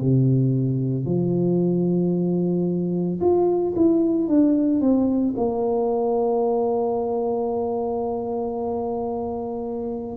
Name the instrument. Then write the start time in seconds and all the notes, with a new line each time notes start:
tuba
0.00 C3
1.05 F3
3.20 F4
3.75 E4
4.28 D4
4.80 C4
5.36 A#3